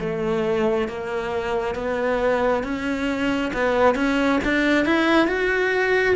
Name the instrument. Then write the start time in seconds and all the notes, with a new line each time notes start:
cello
0.00 A3
0.88 A#3
1.75 B3
2.64 C#4
3.53 B3
3.95 C#4
4.44 D4
4.86 E4
5.27 F#4